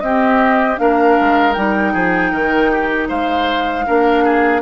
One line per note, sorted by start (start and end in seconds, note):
0.00 0.78 C4
0.00 0.76 C4
0.00 0.80 G4
0.00 0.77 D#5
0.76 1.17 A#3
0.76 1.53 D4
0.76 1.93 A#4
0.76 1.53 F5
1.20 1.56 G#3
1.53 1.94 G3
1.53 3.85 D#4
1.53 3.07 G5
1.93 2.32 F3
1.93 2.31 G#4
2.32 3.09 D#3
2.32 2.70 A#4
2.71 3.08 G4
3.08 3.86 G#3
3.08 3.85 C5
3.08 4.61 F5
3.85 4.61 A#3
3.85 4.61 D4
3.85 4.24 A#4
4.24 4.61 G#4